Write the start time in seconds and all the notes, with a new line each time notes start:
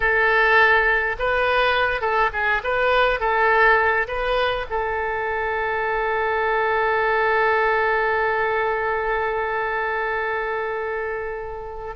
0.00 A4
1.18 B4
2.01 A4
2.32 G#4
2.63 B4
3.20 A4
4.07 B4
4.69 A4